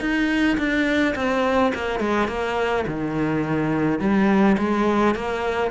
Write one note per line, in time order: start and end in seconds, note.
0.00 0.57 D#4
0.57 1.15 D4
1.15 1.72 C4
1.74 1.99 A#3
1.99 2.28 G#3
2.28 2.85 A#3
2.86 3.99 D#3
3.99 4.56 G3
4.58 5.15 G#3
5.15 5.71 A#3